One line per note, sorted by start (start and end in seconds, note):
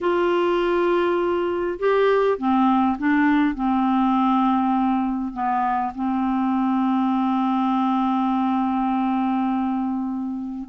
0.00 1.78 F4
1.79 2.38 G4
2.38 2.97 C4
2.98 3.55 D4
3.55 5.33 C4
5.33 5.92 B3
5.95 10.69 C4